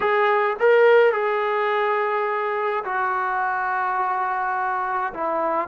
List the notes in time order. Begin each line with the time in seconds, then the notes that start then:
0.00 G#4
0.59 A#4
1.12 G#4
2.84 F#4
5.13 E4